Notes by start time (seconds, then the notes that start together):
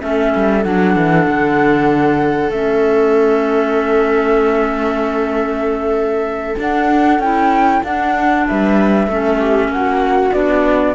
0.00 A3 C#4 A4 E5
0.35 G3
0.63 F#3 D4 F#5
0.96 E3
1.27 D3
2.49 A3 C#4 E5
6.59 D4 F#5
7.19 C#4 E4 G5
7.83 D4 F#5
8.47 G3 B4 E5
9.07 A3 C#4 A4
9.40 G4
9.68 A#3 F#5
9.76 F#4
10.33 B3 D4 D5